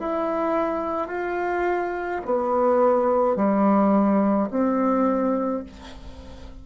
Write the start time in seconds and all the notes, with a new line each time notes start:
0.00 E4
1.08 F4
2.26 B3
3.37 G3
4.51 C4